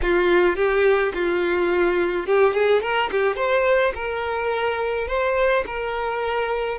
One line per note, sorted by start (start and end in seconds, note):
0.02 0.55 F4
0.55 1.12 G4
1.13 2.26 F4
2.26 2.53 G4
2.53 2.81 G#4
2.81 3.10 A#4
3.11 3.36 G4
3.36 3.92 C5
3.94 5.07 A#4
5.07 5.64 C5
5.66 6.78 A#4